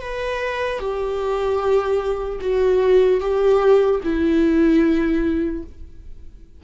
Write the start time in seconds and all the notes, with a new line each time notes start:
0.00 B4
0.79 G4
2.40 F#4
3.20 G4
4.03 E4